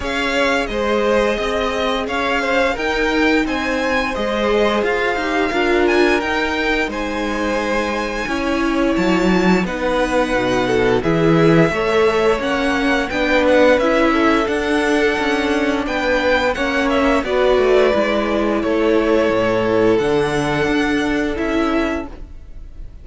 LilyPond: <<
  \new Staff \with { instrumentName = "violin" } { \time 4/4 \tempo 4 = 87 f''4 dis''2 f''4 | g''4 gis''4 dis''4 f''4~ | f''8 gis''8 g''4 gis''2~ | gis''4 a''4 fis''2 |
e''2 fis''4 g''8 fis''8 | e''4 fis''2 g''4 | fis''8 e''8 d''2 cis''4~ | cis''4 fis''2 e''4 | }
  \new Staff \with { instrumentName = "violin" } { \time 4/4 cis''4 c''4 dis''4 cis''8 c''8 | ais'4 c''2. | ais'2 c''2 | cis''2 b'4. a'8 |
gis'4 cis''2 b'4~ | b'8 a'2~ a'8 b'4 | cis''4 b'2 a'4~ | a'1 | }
  \new Staff \with { instrumentName = "viola" } { \time 4/4 gis'1 | dis'2 gis'4. g'8 | f'4 dis'2. | e'2 dis'2 |
e'4 a'4 cis'4 d'4 | e'4 d'2. | cis'4 fis'4 e'2~ | e'4 d'2 e'4 | }
  \new Staff \with { instrumentName = "cello" } { \time 4/4 cis'4 gis4 c'4 cis'4 | dis'4 c'4 gis4 f'8 dis'8 | d'4 dis'4 gis2 | cis'4 fis4 b4 b,4 |
e4 a4 ais4 b4 | cis'4 d'4 cis'4 b4 | ais4 b8 a8 gis4 a4 | a,4 d4 d'4 cis'4 | }
>>